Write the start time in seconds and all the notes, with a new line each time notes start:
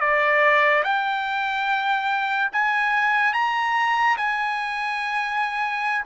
0.00 D5
0.84 G5
2.53 G#5
3.34 A#5
4.18 G#5